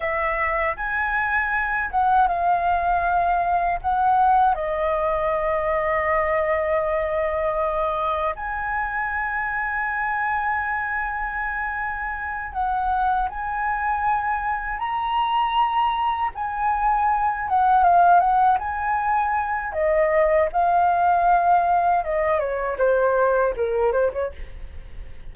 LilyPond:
\new Staff \with { instrumentName = "flute" } { \time 4/4 \tempo 4 = 79 e''4 gis''4. fis''8 f''4~ | f''4 fis''4 dis''2~ | dis''2. gis''4~ | gis''1~ |
gis''8 fis''4 gis''2 ais''8~ | ais''4. gis''4. fis''8 f''8 | fis''8 gis''4. dis''4 f''4~ | f''4 dis''8 cis''8 c''4 ais'8 c''16 cis''16 | }